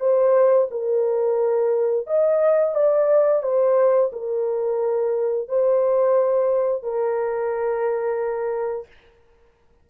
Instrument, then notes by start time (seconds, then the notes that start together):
horn
0.00 C5
0.71 A#4
2.07 D#5
2.75 D5
3.43 C5
4.12 A#4
5.49 C5
6.83 A#4